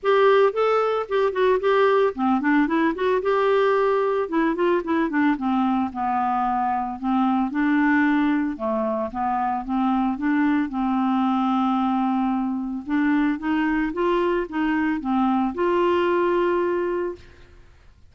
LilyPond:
\new Staff \with { instrumentName = "clarinet" } { \time 4/4 \tempo 4 = 112 g'4 a'4 g'8 fis'8 g'4 | c'8 d'8 e'8 fis'8 g'2 | e'8 f'8 e'8 d'8 c'4 b4~ | b4 c'4 d'2 |
a4 b4 c'4 d'4 | c'1 | d'4 dis'4 f'4 dis'4 | c'4 f'2. | }